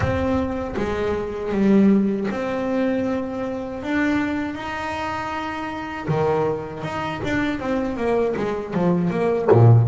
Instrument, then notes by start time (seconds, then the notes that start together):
double bass
0.00 C4
0.76 G#3
1.52 G3
2.31 C4
3.83 D4
4.54 D#4
6.08 D#3
6.83 D#4
7.24 D4
7.59 C4
7.96 A#3
8.36 G#3
8.73 F3
9.10 A#3
9.51 A#2